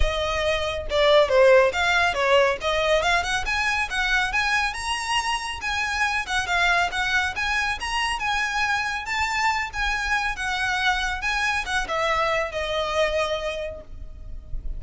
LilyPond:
\new Staff \with { instrumentName = "violin" } { \time 4/4 \tempo 4 = 139 dis''2 d''4 c''4 | f''4 cis''4 dis''4 f''8 fis''8 | gis''4 fis''4 gis''4 ais''4~ | ais''4 gis''4. fis''8 f''4 |
fis''4 gis''4 ais''4 gis''4~ | gis''4 a''4. gis''4. | fis''2 gis''4 fis''8 e''8~ | e''4 dis''2. | }